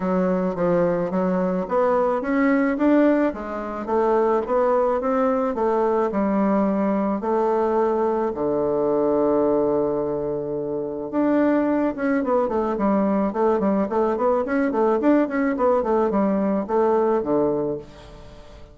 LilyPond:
\new Staff \with { instrumentName = "bassoon" } { \time 4/4 \tempo 4 = 108 fis4 f4 fis4 b4 | cis'4 d'4 gis4 a4 | b4 c'4 a4 g4~ | g4 a2 d4~ |
d1 | d'4. cis'8 b8 a8 g4 | a8 g8 a8 b8 cis'8 a8 d'8 cis'8 | b8 a8 g4 a4 d4 | }